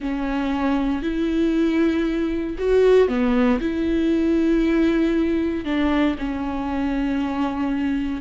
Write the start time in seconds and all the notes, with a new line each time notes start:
0.00 C#4
1.02 E4
2.58 F#4
3.08 B3
3.60 E4
5.64 D4
6.18 C#4